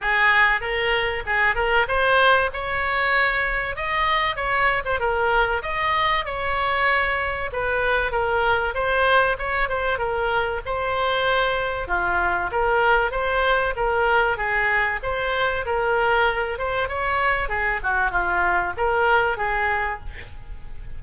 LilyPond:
\new Staff \with { instrumentName = "oboe" } { \time 4/4 \tempo 4 = 96 gis'4 ais'4 gis'8 ais'8 c''4 | cis''2 dis''4 cis''8. c''16 | ais'4 dis''4 cis''2 | b'4 ais'4 c''4 cis''8 c''8 |
ais'4 c''2 f'4 | ais'4 c''4 ais'4 gis'4 | c''4 ais'4. c''8 cis''4 | gis'8 fis'8 f'4 ais'4 gis'4 | }